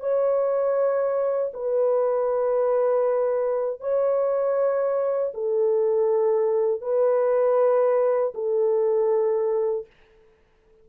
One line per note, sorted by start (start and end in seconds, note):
0.00 1.52 C#5
1.54 3.81 B4
3.81 5.33 C#5
5.34 6.81 A4
6.81 8.33 B4
8.35 9.87 A4